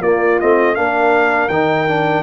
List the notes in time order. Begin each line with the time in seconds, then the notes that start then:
0.00 A#3 F4 D5
0.39 A3 C4 D#5
0.75 A#3 D4 A#4 F5
1.48 D#3 D#4 G5
1.87 D4